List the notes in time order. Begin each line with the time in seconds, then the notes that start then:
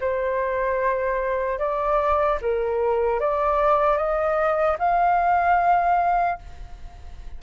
0.00 C5
1.59 D5
2.41 A#4
3.20 D5
3.97 D#5
4.79 F5